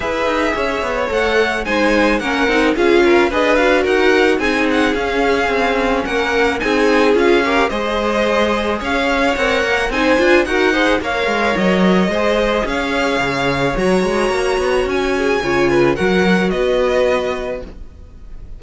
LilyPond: <<
  \new Staff \with { instrumentName = "violin" } { \time 4/4 \tempo 4 = 109 e''2 fis''4 gis''4 | fis''4 f''4 dis''8 f''8 fis''4 | gis''8 fis''8 f''2 fis''4 | gis''4 f''4 dis''2 |
f''4 fis''4 gis''4 fis''4 | f''4 dis''2 f''4~ | f''4 ais''2 gis''4~ | gis''4 fis''4 dis''2 | }
  \new Staff \with { instrumentName = "violin" } { \time 4/4 b'4 cis''2 c''4 | ais'4 gis'8 ais'8 b'4 ais'4 | gis'2. ais'4 | gis'4. ais'8 c''2 |
cis''2 c''4 ais'8 c''8 | cis''2 c''4 cis''4~ | cis''2.~ cis''8 gis'8 | cis''8 b'8 ais'4 b'2 | }
  \new Staff \with { instrumentName = "viola" } { \time 4/4 gis'2 a'4 dis'4 | cis'8 dis'8 f'4 gis'8 fis'4. | dis'4 cis'2. | dis'4 f'8 g'8 gis'2~ |
gis'4 ais'4 dis'8 f'8 fis'8 gis'8 | ais'2 gis'2~ | gis'4 fis'2. | f'4 fis'2. | }
  \new Staff \with { instrumentName = "cello" } { \time 4/4 e'8 dis'8 cis'8 b8 a4 gis4 | ais8 c'8 cis'4 d'4 dis'4 | c'4 cis'4 c'4 ais4 | c'4 cis'4 gis2 |
cis'4 c'8 ais8 c'8 d'8 dis'4 | ais8 gis8 fis4 gis4 cis'4 | cis4 fis8 gis8 ais8 b8 cis'4 | cis4 fis4 b2 | }
>>